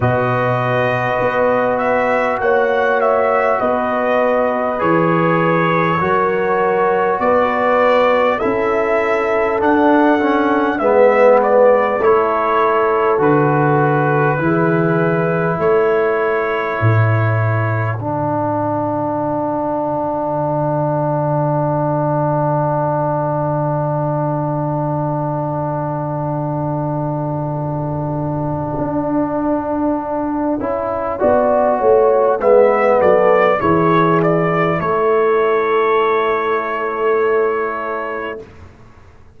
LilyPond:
<<
  \new Staff \with { instrumentName = "trumpet" } { \time 4/4 \tempo 4 = 50 dis''4. e''8 fis''8 e''8 dis''4 | cis''2 d''4 e''4 | fis''4 e''8 d''8 cis''4 b'4~ | b'4 cis''2 fis''4~ |
fis''1~ | fis''1~ | fis''2. e''8 d''8 | cis''8 d''8 cis''2. | }
  \new Staff \with { instrumentName = "horn" } { \time 4/4 b'2 cis''4 b'4~ | b'4 ais'4 b'4 a'4~ | a'4 b'4 a'2 | gis'4 a'2.~ |
a'1~ | a'1~ | a'2 d''8 cis''8 b'8 a'8 | gis'4 a'2. | }
  \new Staff \with { instrumentName = "trombone" } { \time 4/4 fis'1 | gis'4 fis'2 e'4 | d'8 cis'8 b4 e'4 fis'4 | e'2. d'4~ |
d'1~ | d'1~ | d'4. e'8 fis'4 b4 | e'1 | }
  \new Staff \with { instrumentName = "tuba" } { \time 4/4 b,4 b4 ais4 b4 | e4 fis4 b4 cis'4 | d'4 gis4 a4 d4 | e4 a4 a,4 d4~ |
d1~ | d1 | d'4. cis'8 b8 a8 gis8 fis8 | e4 a2. | }
>>